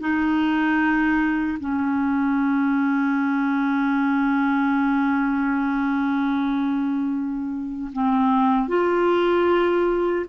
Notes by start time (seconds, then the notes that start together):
0.00 D#4
1.60 C#4
7.93 C4
8.68 F4